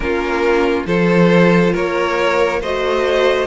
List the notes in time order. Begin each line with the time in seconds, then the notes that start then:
0.00 A#3 C#4 F4 A#4
0.86 F3 F4 A4 C5
1.72 A#3 A#4 C#5
2.61 A3 F#4 C5 D#5